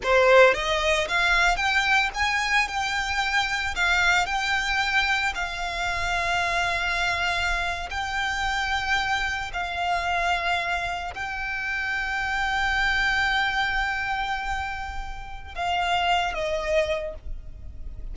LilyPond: \new Staff \with { instrumentName = "violin" } { \time 4/4 \tempo 4 = 112 c''4 dis''4 f''4 g''4 | gis''4 g''2 f''4 | g''2 f''2~ | f''2~ f''8. g''4~ g''16~ |
g''4.~ g''16 f''2~ f''16~ | f''8. g''2.~ g''16~ | g''1~ | g''4 f''4. dis''4. | }